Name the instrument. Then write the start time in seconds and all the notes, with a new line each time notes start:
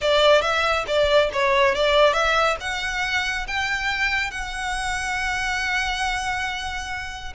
violin
0.01 D5
0.41 E5
0.87 D5
1.32 C#5
1.74 D5
2.13 E5
2.60 F#5
3.47 G5
4.30 F#5